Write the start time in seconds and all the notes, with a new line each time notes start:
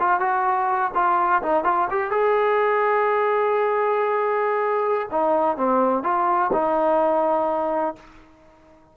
0.00 F4
0.21 F#4
0.95 F4
1.43 D#4
1.65 F4
1.91 G4
2.11 G#4
5.12 D#4
5.57 C4
6.04 F4
6.53 D#4